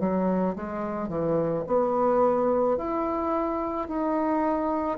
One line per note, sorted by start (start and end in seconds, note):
0.00 0.56 F#3
0.56 1.09 G#3
1.09 1.65 E3
1.67 2.77 B3
2.77 3.88 E4
3.88 4.98 D#4